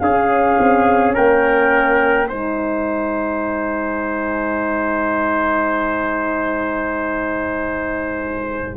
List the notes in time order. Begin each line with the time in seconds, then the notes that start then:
0.00 C#4 G#4 F5
0.60 C4
1.15 A#3 A#4 G5
2.29 G#3 D#4 C5 G#5